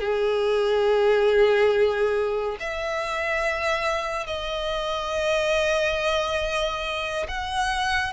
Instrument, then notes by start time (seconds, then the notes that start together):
violin
0.00 G#4
2.60 E5
4.27 D#5
7.28 F#5